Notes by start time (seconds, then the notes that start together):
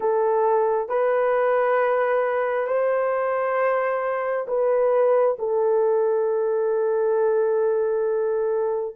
0.00 A4
0.88 B4
2.67 C5
4.47 B4
5.38 A4